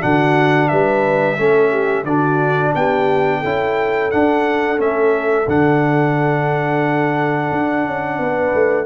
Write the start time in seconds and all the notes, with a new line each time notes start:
0.00 D3 D4 F#4 F#5
0.68 G3 B4 E5
1.37 A3 C#4 A4
1.71 G4
2.04 D3 D4 F#4 D5
2.75 B3 G4 G5
3.39 C#4 E4 A4
4.11 D4 F#5
4.77 A3 C#4 E5
5.47 D3 D4 F#5
7.51 D4
7.85 C#4
8.18 B3 B4
8.54 A3